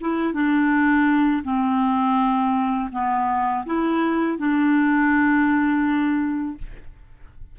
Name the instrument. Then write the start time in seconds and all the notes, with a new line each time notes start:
clarinet
0.00 E4
0.33 D4
1.44 C4
2.92 B3
3.66 E4
4.38 D4